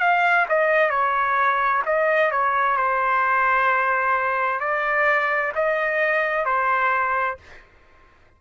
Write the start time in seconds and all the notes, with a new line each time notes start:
0.00 F5
0.49 D#5
0.90 C#5
1.86 D#5
2.31 C#5
2.77 C5
4.60 D5
5.56 D#5
6.46 C5